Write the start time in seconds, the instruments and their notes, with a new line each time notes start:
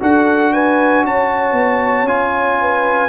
0.00 tuba D4, trombone F#4, horn A4, trumpet F#5
0.53 horn B4, trumpet G#5
1.04 tuba C#4, horn C#5, trumpet A5
1.52 tuba B3
2.03 tuba C#4, trombone F4, trumpet G#5
2.61 horn B4